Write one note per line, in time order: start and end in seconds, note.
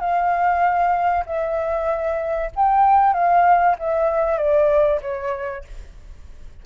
0.00 1.25 F5
1.26 2.51 E5
2.56 3.13 G5
3.13 3.76 F5
3.79 4.38 E5
4.38 5.01 D5
5.02 5.64 C#5